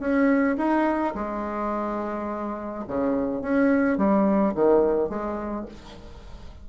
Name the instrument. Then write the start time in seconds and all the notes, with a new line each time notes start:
bassoon
0.00 C#4
0.58 D#4
1.15 G#3
2.88 C#3
3.42 C#4
3.98 G3
4.55 D#3
5.09 G#3